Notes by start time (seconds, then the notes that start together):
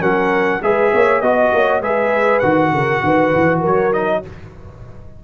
0.00 F#3 C#4 A#4 F#5
0.62 G#3 G#4 B4 E5
0.93 A#3 C#5
1.21 B3 F#4 D#5
1.53 A#3 C#5
1.80 G#3 G#4 B4 E5
2.39 D#3 F#4 F#5
2.72 C#3 A#4
3.03 D#3 B4
3.35 E3
3.60 F#3 A#4 C#5
3.92 D#4 D#5